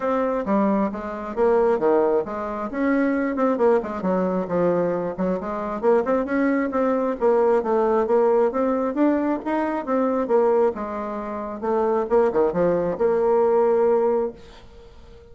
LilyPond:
\new Staff \with { instrumentName = "bassoon" } { \time 4/4 \tempo 4 = 134 c'4 g4 gis4 ais4 | dis4 gis4 cis'4. c'8 | ais8 gis8 fis4 f4. fis8 | gis4 ais8 c'8 cis'4 c'4 |
ais4 a4 ais4 c'4 | d'4 dis'4 c'4 ais4 | gis2 a4 ais8 dis8 | f4 ais2. | }